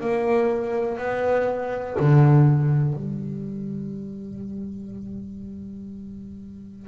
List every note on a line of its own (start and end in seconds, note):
0.00 0.98 A#3
0.98 1.96 B3
1.99 2.93 D3
2.93 6.87 G3